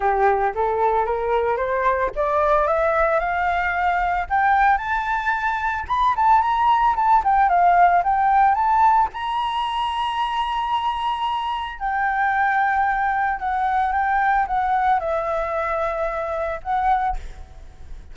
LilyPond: \new Staff \with { instrumentName = "flute" } { \time 4/4 \tempo 4 = 112 g'4 a'4 ais'4 c''4 | d''4 e''4 f''2 | g''4 a''2 b''8 a''8 | ais''4 a''8 g''8 f''4 g''4 |
a''4 ais''2.~ | ais''2 g''2~ | g''4 fis''4 g''4 fis''4 | e''2. fis''4 | }